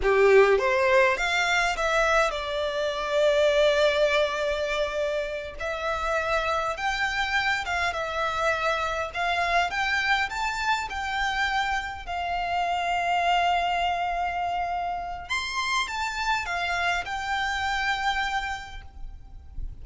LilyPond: \new Staff \with { instrumentName = "violin" } { \time 4/4 \tempo 4 = 102 g'4 c''4 f''4 e''4 | d''1~ | d''4. e''2 g''8~ | g''4 f''8 e''2 f''8~ |
f''8 g''4 a''4 g''4.~ | g''8 f''2.~ f''8~ | f''2 c'''4 a''4 | f''4 g''2. | }